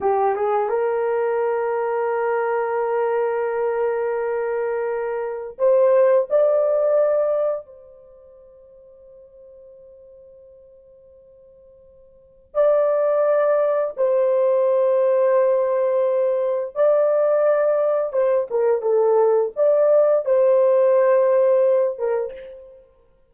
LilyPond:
\new Staff \with { instrumentName = "horn" } { \time 4/4 \tempo 4 = 86 g'8 gis'8 ais'2.~ | ais'1 | c''4 d''2 c''4~ | c''1~ |
c''2 d''2 | c''1 | d''2 c''8 ais'8 a'4 | d''4 c''2~ c''8 ais'8 | }